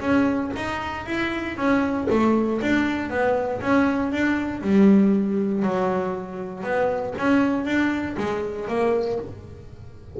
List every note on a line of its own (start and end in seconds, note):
0.00 0.51 C#4
0.55 1.06 D#4
1.06 1.56 E4
1.56 2.07 C#4
2.10 2.60 A3
2.61 3.10 D4
3.10 3.61 B3
3.61 4.12 C#4
4.12 4.62 D4
4.62 5.62 G3
5.62 6.63 F#3
6.63 7.14 B3
7.18 7.65 C#4
7.65 8.16 D4
8.17 8.68 G#3
8.68 9.19 A#3